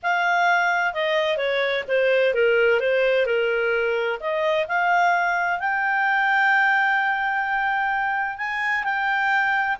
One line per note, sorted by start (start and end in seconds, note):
0.02 0.93 F5
0.93 1.37 D#5
1.37 1.84 C#5
1.88 2.34 C5
2.34 2.80 A#4
2.80 3.26 C5
3.26 4.19 A#4
4.20 4.66 D#5
4.67 5.59 F5
5.59 8.37 G5
8.37 8.84 G#5
8.84 9.77 G5